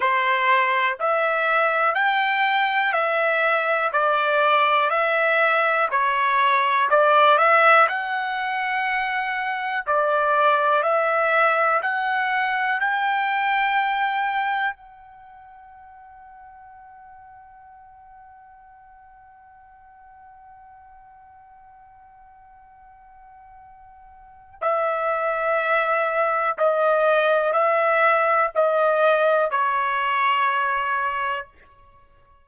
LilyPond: \new Staff \with { instrumentName = "trumpet" } { \time 4/4 \tempo 4 = 61 c''4 e''4 g''4 e''4 | d''4 e''4 cis''4 d''8 e''8 | fis''2 d''4 e''4 | fis''4 g''2 fis''4~ |
fis''1~ | fis''1~ | fis''4 e''2 dis''4 | e''4 dis''4 cis''2 | }